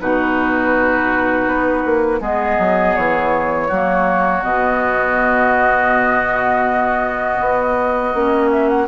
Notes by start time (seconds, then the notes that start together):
0.00 B2 D#4 F#4 B4
1.47 B3
1.86 A#3
2.20 G#3 B3 G#4 D#5
2.59 F#3
2.96 E3 C#5
3.68 F#3 A#3 F#4
4.43 B2 B3 D#5
7.40 B3
8.14 A#3 C#4
8.51 E5
8.69 F#5